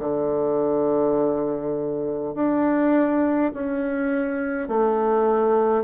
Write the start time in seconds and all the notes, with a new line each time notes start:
0.00 D3
2.35 D4
3.54 C#4
4.68 A3